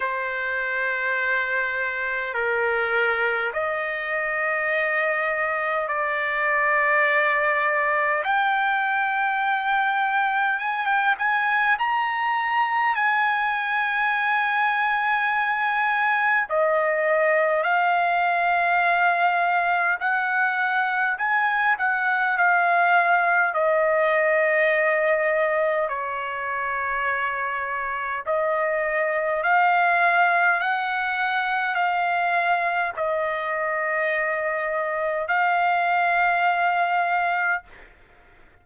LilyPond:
\new Staff \with { instrumentName = "trumpet" } { \time 4/4 \tempo 4 = 51 c''2 ais'4 dis''4~ | dis''4 d''2 g''4~ | g''4 gis''16 g''16 gis''8 ais''4 gis''4~ | gis''2 dis''4 f''4~ |
f''4 fis''4 gis''8 fis''8 f''4 | dis''2 cis''2 | dis''4 f''4 fis''4 f''4 | dis''2 f''2 | }